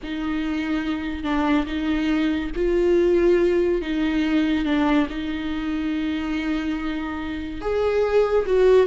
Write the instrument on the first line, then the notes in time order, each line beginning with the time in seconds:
viola
0.03 D#4
1.23 D4
1.66 D#4
2.55 F4
3.81 D#4
4.64 D4
5.09 D#4
7.61 G#4
8.46 F#4